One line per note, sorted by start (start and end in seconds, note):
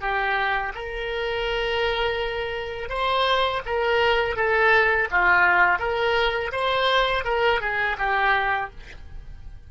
0.00 0.72 G4
0.74 2.89 A#4
2.89 3.61 C5
3.65 4.36 A#4
4.36 5.08 A4
5.11 5.79 F4
5.79 6.51 A#4
6.52 7.24 C5
7.24 7.60 A#4
7.60 7.96 G#4
7.98 8.70 G4